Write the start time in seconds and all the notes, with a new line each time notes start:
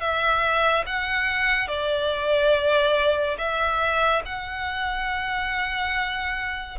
0.00 E5
0.86 F#5
1.68 D5
3.38 E5
4.25 F#5